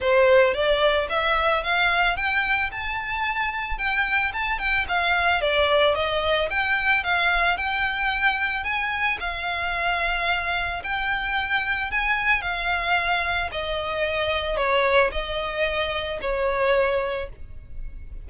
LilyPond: \new Staff \with { instrumentName = "violin" } { \time 4/4 \tempo 4 = 111 c''4 d''4 e''4 f''4 | g''4 a''2 g''4 | a''8 g''8 f''4 d''4 dis''4 | g''4 f''4 g''2 |
gis''4 f''2. | g''2 gis''4 f''4~ | f''4 dis''2 cis''4 | dis''2 cis''2 | }